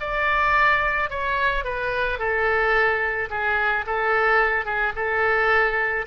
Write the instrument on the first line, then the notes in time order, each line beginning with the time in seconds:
oboe
0.00 D5
1.10 C#5
1.64 B4
2.19 A4
3.30 G#4
3.86 A4
4.65 G#4
4.95 A4